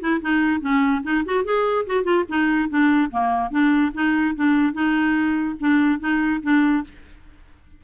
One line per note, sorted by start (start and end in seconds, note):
0.00 0.21 E4
0.21 0.61 D#4
0.61 1.02 C#4
1.03 1.24 D#4
1.25 1.44 F#4
1.44 1.85 G#4
1.86 2.03 F#4
2.03 2.24 F4
2.28 2.69 D#4
2.69 3.10 D4
3.11 3.50 A#3
3.50 3.92 D4
3.94 4.35 D#4
4.35 4.73 D4
4.73 5.56 D#4
5.60 5.99 D4
5.99 6.40 D#4
6.42 6.84 D4